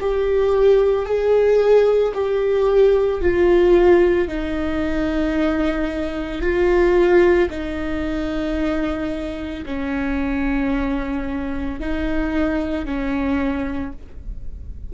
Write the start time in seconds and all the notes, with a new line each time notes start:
0.00 G4
1.06 G#4
2.14 G4
3.21 F4
4.28 D#4
6.41 F4
7.50 D#4
9.65 C#4
11.80 D#4
12.85 C#4